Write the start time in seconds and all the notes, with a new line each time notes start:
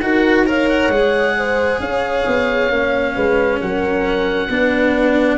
0.00 D#4 F#4 A#4 F#5
0.46 A#4 C#5 F5
0.69 F#5
0.89 G#3 G#4
1.38 C5
1.80 C#4 C#5 F5
2.27 B3
2.70 A#3 C#4
3.16 G#3 B4
3.61 F#3 A#4 F#5
4.49 B3 D4 B4